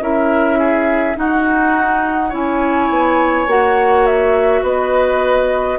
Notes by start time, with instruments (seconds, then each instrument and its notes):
0.00 bassoon C#4, clarinet E4, oboe A#4, flute E5
0.59 oboe G#4
1.16 clarinet D#4, bassoon D#4, oboe F#4, flute F#5
2.29 bassoon C#4, clarinet E4, oboe C#5, flute G#5
2.89 bassoon B3
3.47 bassoon A#3, clarinet F#4, flute F#5
4.06 flute E5
4.62 bassoon B3, oboe B4, flute D#5